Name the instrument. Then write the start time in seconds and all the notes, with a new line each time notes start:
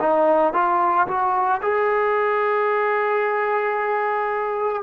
trombone
0.00 D#4
0.54 F4
1.08 F#4
1.62 G#4